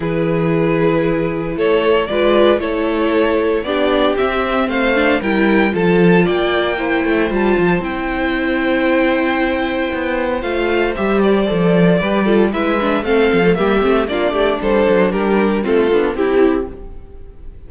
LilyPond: <<
  \new Staff \with { instrumentName = "violin" } { \time 4/4 \tempo 4 = 115 b'2. cis''4 | d''4 cis''2 d''4 | e''4 f''4 g''4 a''4 | g''2 a''4 g''4~ |
g''1 | f''4 e''8 d''2~ d''8 | e''4 f''4 e''4 d''4 | c''4 ais'4 a'4 g'4 | }
  \new Staff \with { instrumentName = "violin" } { \time 4/4 gis'2. a'4 | b'4 a'2 g'4~ | g'4 c''4 ais'4 a'4 | d''4 c''2.~ |
c''1~ | c''2. b'8 a'8 | b'4 a'4 g'4 f'8 g'8 | a'4 g'4 f'4 e'4 | }
  \new Staff \with { instrumentName = "viola" } { \time 4/4 e'1 | f'4 e'2 d'4 | c'4. d'8 e'4 f'4~ | f'4 e'4 f'4 e'4~ |
e'1 | f'4 g'4 a'4 g'8 f'8 | e'8 d'8 c'8. a16 ais8 c'8 d'4~ | d'2 c'8 d'8 e'4 | }
  \new Staff \with { instrumentName = "cello" } { \time 4/4 e2. a4 | gis4 a2 b4 | c'4 a4 g4 f4 | ais4. a8 g8 f8 c'4~ |
c'2. b4 | a4 g4 f4 g4 | gis4 a8 f8 g8 a8 ais8 a8 | g8 fis8 g4 a8 b8 c'4 | }
>>